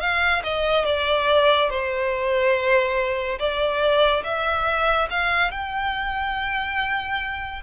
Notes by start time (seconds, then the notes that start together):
0.00 F5
0.43 D#5
0.85 D5
1.69 C5
3.39 D5
4.24 E5
5.10 F5
5.51 G5